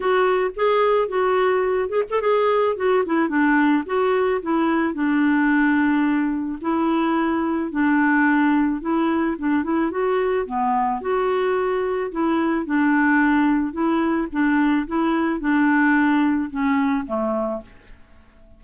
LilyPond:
\new Staff \with { instrumentName = "clarinet" } { \time 4/4 \tempo 4 = 109 fis'4 gis'4 fis'4. gis'16 a'16 | gis'4 fis'8 e'8 d'4 fis'4 | e'4 d'2. | e'2 d'2 |
e'4 d'8 e'8 fis'4 b4 | fis'2 e'4 d'4~ | d'4 e'4 d'4 e'4 | d'2 cis'4 a4 | }